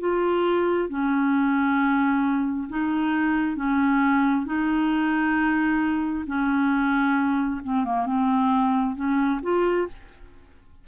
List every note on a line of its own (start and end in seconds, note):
0.00 0.90 F4
0.90 2.69 C#4
2.69 3.57 D#4
3.57 4.46 C#4
4.46 6.25 D#4
6.27 7.61 C#4
7.64 7.85 C4
7.85 8.06 A#3
8.06 8.96 C4
8.96 9.41 C#4
9.43 9.88 F4